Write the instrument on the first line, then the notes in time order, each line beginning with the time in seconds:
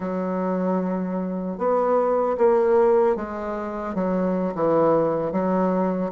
bassoon
0.00 F#3
1.58 B3
2.37 A#3
3.16 G#3
3.94 F#3
4.54 E3
5.32 F#3